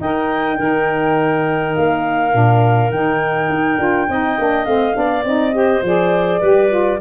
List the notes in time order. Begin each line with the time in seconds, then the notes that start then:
0.00 D#4 A#4 D#5 G5
0.57 D#3 D#4 A#4
1.75 A#3 F5
2.31 A#2 D4
2.90 D#3 D#4 G5
3.49 D#4
3.78 D4 F4
4.08 C4 D#4 D#5
4.38 A#3 D4
4.65 A3 C4 F5
4.93 B3 D4 D5
5.24 C4 D#4 D#5
5.53 G4 C5
5.82 F3 G#4 D5
6.40 G3 G4 B4
6.69 F4